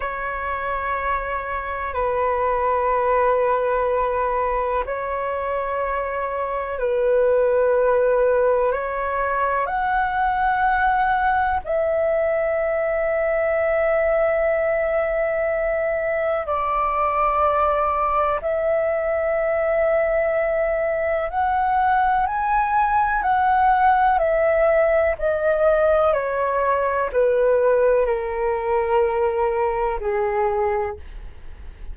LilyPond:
\new Staff \with { instrumentName = "flute" } { \time 4/4 \tempo 4 = 62 cis''2 b'2~ | b'4 cis''2 b'4~ | b'4 cis''4 fis''2 | e''1~ |
e''4 d''2 e''4~ | e''2 fis''4 gis''4 | fis''4 e''4 dis''4 cis''4 | b'4 ais'2 gis'4 | }